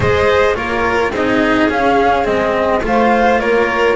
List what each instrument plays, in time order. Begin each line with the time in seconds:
0.00 double bass G#3, cello G#4, violin C5, flute D#5
0.54 double bass A#3, cello F4, violin A#4, flute C#5
1.11 double bass C4, cello D#4, violin G#4, flute D#5
1.69 double bass C#4, cello C#4, flute F5
2.24 double bass G#3, cello C4, flute D#5
2.83 double bass A3, cello F4, violin C5, flute F5
3.39 double bass A#3, violin A#4, flute C#5